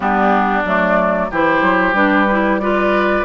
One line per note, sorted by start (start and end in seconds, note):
0.00 0.62 G3
0.00 0.65 B3
0.00 1.27 D4
0.00 0.63 G4
0.65 1.30 F#3
0.65 1.31 A3
0.65 1.31 D5
1.30 1.61 E3
1.30 1.94 E4
1.30 2.61 G4
1.30 1.94 C5
1.61 1.93 F#3
1.93 3.23 G3
1.93 2.26 D4
1.93 2.59 B4
2.30 2.61 E4
2.59 3.24 F4
2.59 3.24 B4
2.59 3.24 D5